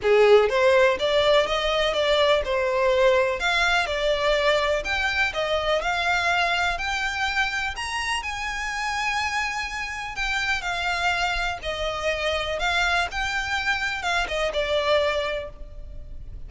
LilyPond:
\new Staff \with { instrumentName = "violin" } { \time 4/4 \tempo 4 = 124 gis'4 c''4 d''4 dis''4 | d''4 c''2 f''4 | d''2 g''4 dis''4 | f''2 g''2 |
ais''4 gis''2.~ | gis''4 g''4 f''2 | dis''2 f''4 g''4~ | g''4 f''8 dis''8 d''2 | }